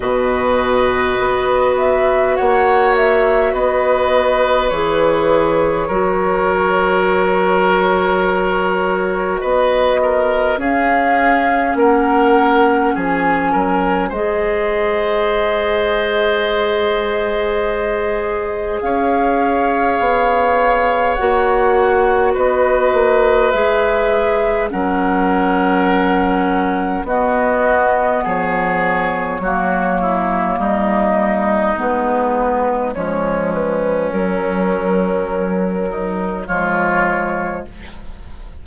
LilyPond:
<<
  \new Staff \with { instrumentName = "flute" } { \time 4/4 \tempo 4 = 51 dis''4. e''8 fis''8 e''8 dis''4 | cis''1 | dis''4 f''4 fis''4 gis''4 | dis''1 |
f''2 fis''4 dis''4 | e''4 fis''2 dis''4 | cis''2 dis''4 b'4 | cis''8 b'8 ais'2 cis''4 | }
  \new Staff \with { instrumentName = "oboe" } { \time 4/4 b'2 cis''4 b'4~ | b'4 ais'2. | b'8 ais'8 gis'4 ais'4 gis'8 ais'8 | c''1 |
cis''2. b'4~ | b'4 ais'2 fis'4 | gis'4 fis'8 e'8 dis'2 | cis'2~ cis'8 dis'8 f'4 | }
  \new Staff \with { instrumentName = "clarinet" } { \time 4/4 fis'1 | gis'4 fis'2.~ | fis'4 cis'2. | gis'1~ |
gis'2 fis'2 | gis'4 cis'2 b4~ | b4 ais2 b4 | gis4 fis2 gis4 | }
  \new Staff \with { instrumentName = "bassoon" } { \time 4/4 b,4 b4 ais4 b4 | e4 fis2. | b4 cis'4 ais4 f8 fis8 | gis1 |
cis'4 b4 ais4 b8 ais8 | gis4 fis2 b4 | f4 fis4 g4 gis4 | f4 fis2 f4 | }
>>